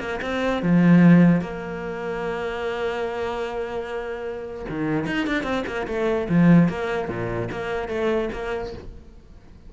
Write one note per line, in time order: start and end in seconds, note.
0.00 0.20 A#3
0.22 0.62 C4
0.62 1.41 F3
1.41 4.66 A#3
4.70 5.07 D#3
5.07 5.27 D#4
5.27 5.44 D4
5.44 5.64 C4
5.67 5.87 A#3
5.87 6.28 A3
6.30 6.69 F3
6.69 7.09 A#3
7.09 7.49 A#2
7.52 7.89 A#3
7.89 8.29 A3
8.33 8.73 A#3